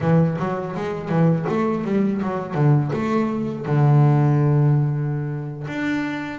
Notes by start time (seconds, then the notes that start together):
0.00 E3
0.39 F#3
0.75 G#3
1.09 E3
1.48 A3
1.84 G3
2.22 F#3
2.54 D3
2.92 A3
3.65 D3
5.67 D4